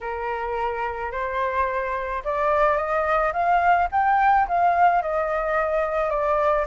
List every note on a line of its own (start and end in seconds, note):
0.00 1.11 A#4
1.11 2.22 C5
2.24 2.76 D5
2.76 3.32 D#5
3.33 3.88 F5
3.91 4.47 G5
4.47 5.02 F5
5.02 6.10 D#5
6.10 6.65 D5